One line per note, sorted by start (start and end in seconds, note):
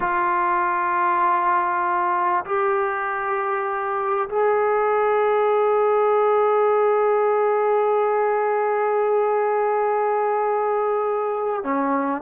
0.00 2.44 F4
2.45 4.29 G4
4.29 11.63 G#4
11.63 12.21 C#4